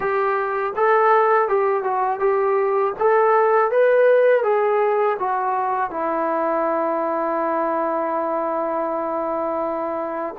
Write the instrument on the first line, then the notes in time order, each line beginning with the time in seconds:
trombone
0.00 G4
0.76 A4
1.48 G4
1.83 F#4
2.19 G4
2.99 A4
3.71 B4
4.43 G#4
5.19 F#4
5.90 E4